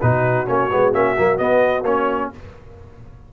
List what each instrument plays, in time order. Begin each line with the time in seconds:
0.00 tuba B2, trombone D#4, horn F#4, trumpet B4
0.46 tuba A#3, trombone C#4, trumpet C#5
0.71 tuba G#3, trombone B3
0.93 tuba A#3, trombone C#4, trumpet E5
1.18 tuba F#3, trombone A#3
1.38 trombone B3, tuba B3, trumpet D#5
1.83 tuba A#3, trombone C#4, trumpet C#5